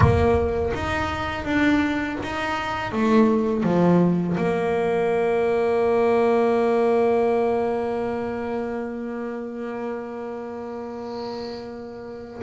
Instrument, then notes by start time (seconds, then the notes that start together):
double bass
0.00 A#3
0.74 D#4
1.44 D4
2.23 D#4
2.92 A3
3.63 F3
4.37 A#3